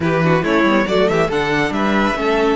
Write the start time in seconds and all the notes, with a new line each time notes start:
0.00 E3 E4 G4 B4
0.21 D4 F#4
0.43 A3 C#4 E4 C#5
0.63 G3 B3
0.87 F#3 A3 F#4 D5
1.08 E3 G4 E5
1.27 D3 D4 A4 F#5
1.70 G3 B4 E5
2.14 A3 C#4 A4